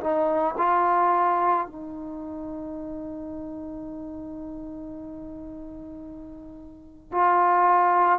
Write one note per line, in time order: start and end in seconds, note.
0.00 0.55 D#4
0.57 1.66 F4
1.66 7.11 D#4
7.11 8.19 F4